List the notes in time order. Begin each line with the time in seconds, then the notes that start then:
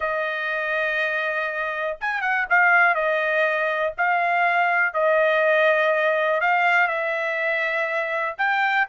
0.00 D#5
2.00 G#5
2.21 F#5
2.49 F5
2.94 D#5
3.97 F5
4.93 D#5
6.40 F5
6.87 E5
8.38 G5